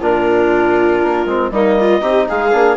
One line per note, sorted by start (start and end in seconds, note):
0.00 1.01 A#2
0.00 1.27 D4
0.00 1.51 F4
0.00 1.51 A#4
1.03 1.25 A#3
1.25 1.50 G#3
1.25 1.52 C4
1.50 2.01 G3
1.50 2.00 A#3
1.50 1.79 D#4
1.50 2.27 D#5
1.80 2.01 F4
2.00 2.27 C4
2.00 2.51 D#4
2.00 2.26 G4
2.28 2.53 G#3
2.28 2.77 G#4
2.28 2.77 F5
2.52 2.77 A#3
2.52 2.77 D4